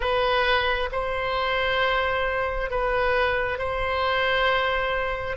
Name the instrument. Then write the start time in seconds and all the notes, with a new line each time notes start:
oboe
0.00 B4
0.92 C5
2.70 B4
3.58 C5